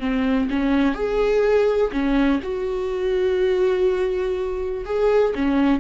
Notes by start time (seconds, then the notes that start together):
0.00 C4
0.50 C#4
0.95 G#4
1.92 C#4
2.43 F#4
4.85 G#4
5.36 C#4